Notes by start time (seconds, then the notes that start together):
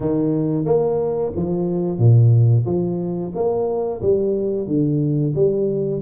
0.00 D#3
0.65 A#3
1.35 F3
1.98 A#2
2.65 F3
3.34 A#3
4.01 G3
4.67 D3
5.35 G3